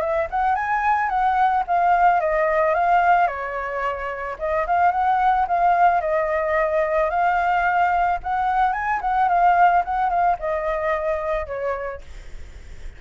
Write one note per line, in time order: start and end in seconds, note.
0.00 0.27 E5
0.30 0.55 F#5
0.55 1.09 G#5
1.09 1.63 F#5
1.67 2.20 F5
2.20 2.74 D#5
2.74 3.27 F5
3.27 4.36 C#5
4.38 4.66 D#5
4.66 4.91 F5
4.91 5.46 F#5
5.47 6.00 F5
6.00 7.10 D#5
7.10 8.19 F5
8.23 8.72 F#5
8.72 9.00 G#5
9.01 9.28 F#5
9.28 9.83 F5
9.85 10.09 F#5
10.09 10.37 F5
10.39 11.46 D#5
11.46 12.01 C#5